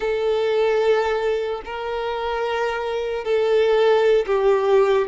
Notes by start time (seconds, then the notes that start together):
0.00 A4
1.65 A#4
3.24 A4
4.26 G4